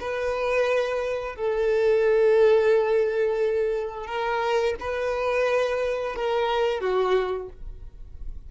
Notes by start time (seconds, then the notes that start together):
0.00 B4
1.35 A4
4.07 A#4
4.80 B4
6.15 A#4
6.81 F#4